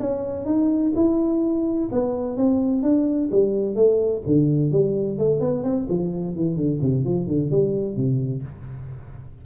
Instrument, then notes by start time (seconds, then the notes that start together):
tuba
0.00 C#4
0.46 D#4
0.96 E4
1.92 B3
2.37 C4
2.83 D4
3.32 G3
3.76 A3
4.26 D3
4.72 G3
5.19 A3
5.40 B3
5.64 C4
5.90 F3
6.36 E3
6.57 D3
6.82 C3
7.05 F3
7.27 D3
7.51 G3
7.96 C3